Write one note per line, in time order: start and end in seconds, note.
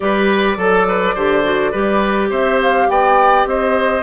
0.00 0.57 G3
0.00 0.57 G4
0.00 0.57 B4
0.00 2.30 D5
0.57 1.15 F#3
0.57 0.86 A4
0.57 1.16 A4
0.88 1.14 B4
1.14 1.73 D3
1.14 1.43 G4
1.14 1.71 C5
1.43 1.72 F#4
1.71 2.30 G3
1.71 4.03 G4
1.71 2.29 B4
2.29 2.88 C4
2.29 2.87 C5
2.29 2.60 E5
2.62 2.89 F5
2.89 3.45 B3
2.89 3.48 D5
2.89 3.47 G5
3.45 4.03 C4
3.45 4.03 C5
3.45 4.03 D#5